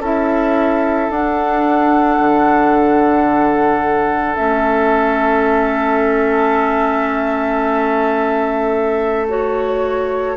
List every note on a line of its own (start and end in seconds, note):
0.00 1.09 C#4
0.00 1.12 E4
0.00 10.37 A4
0.00 1.11 E5
1.10 2.19 D4
1.10 4.36 D4
1.10 4.36 F#5
2.19 4.37 D3
4.36 10.37 A3
4.36 9.27 C#4
4.36 9.27 E5
9.29 10.37 F#4
9.29 10.37 C#5